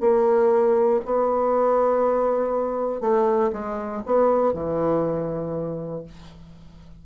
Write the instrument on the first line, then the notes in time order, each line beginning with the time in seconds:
bassoon
0.00 A#3
1.05 B3
3.00 A3
3.52 G#3
4.05 B3
4.53 E3